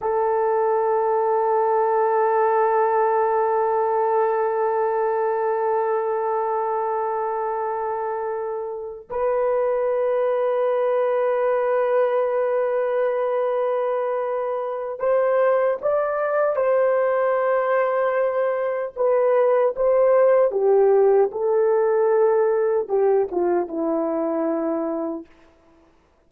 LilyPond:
\new Staff \with { instrumentName = "horn" } { \time 4/4 \tempo 4 = 76 a'1~ | a'1~ | a'2.~ a'8 b'8~ | b'1~ |
b'2. c''4 | d''4 c''2. | b'4 c''4 g'4 a'4~ | a'4 g'8 f'8 e'2 | }